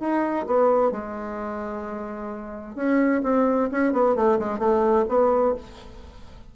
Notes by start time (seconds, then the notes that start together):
0.00 D#4
0.47 B3
0.92 G#3
2.76 C#4
3.23 C4
3.72 C#4
3.93 B3
4.16 A3
4.39 G#3
4.59 A3
5.09 B3